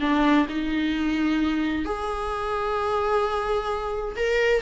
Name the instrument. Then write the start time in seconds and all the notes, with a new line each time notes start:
viola
0.00 D4
0.49 D#4
1.85 G#4
4.16 A#4